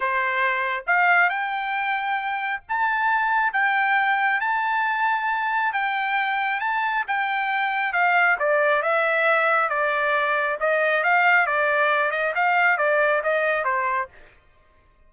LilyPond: \new Staff \with { instrumentName = "trumpet" } { \time 4/4 \tempo 4 = 136 c''2 f''4 g''4~ | g''2 a''2 | g''2 a''2~ | a''4 g''2 a''4 |
g''2 f''4 d''4 | e''2 d''2 | dis''4 f''4 d''4. dis''8 | f''4 d''4 dis''4 c''4 | }